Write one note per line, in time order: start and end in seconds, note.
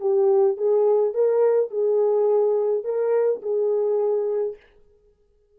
0.00 0.57 G4
0.57 1.14 G#4
1.14 1.70 A#4
1.70 2.84 G#4
2.84 3.41 A#4
3.42 4.56 G#4